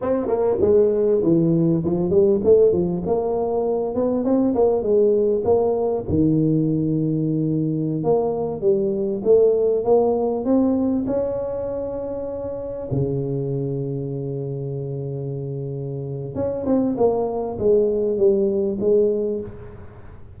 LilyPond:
\new Staff \with { instrumentName = "tuba" } { \time 4/4 \tempo 4 = 99 c'8 ais8 gis4 e4 f8 g8 | a8 f8 ais4. b8 c'8 ais8 | gis4 ais4 dis2~ | dis4~ dis16 ais4 g4 a8.~ |
a16 ais4 c'4 cis'4.~ cis'16~ | cis'4~ cis'16 cis2~ cis8.~ | cis2. cis'8 c'8 | ais4 gis4 g4 gis4 | }